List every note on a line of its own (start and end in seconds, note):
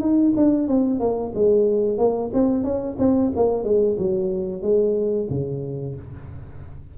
0.00 0.33 D#4
0.36 0.68 D4
0.68 1.00 C4
1.00 1.32 A#3
1.34 1.98 G#3
1.98 2.31 A#3
2.33 2.64 C4
2.64 2.97 C#4
2.99 3.31 C4
3.36 3.64 A#3
3.64 3.97 G#3
3.98 4.62 F#3
4.62 5.27 G#3
5.30 5.96 C#3